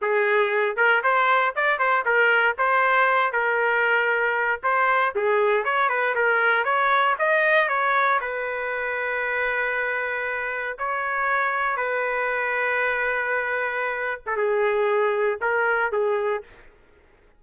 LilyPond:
\new Staff \with { instrumentName = "trumpet" } { \time 4/4 \tempo 4 = 117 gis'4. ais'8 c''4 d''8 c''8 | ais'4 c''4. ais'4.~ | ais'4 c''4 gis'4 cis''8 b'8 | ais'4 cis''4 dis''4 cis''4 |
b'1~ | b'4 cis''2 b'4~ | b'2.~ b'8. a'16 | gis'2 ais'4 gis'4 | }